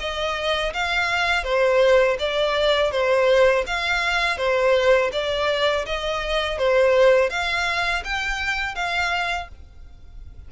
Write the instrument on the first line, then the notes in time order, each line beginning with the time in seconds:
violin
0.00 D#5
0.74 F5
1.44 C5
2.20 D5
2.92 C5
3.67 F5
4.38 C5
5.13 D5
5.86 D#5
6.59 C5
7.30 F5
8.05 G5
8.75 F5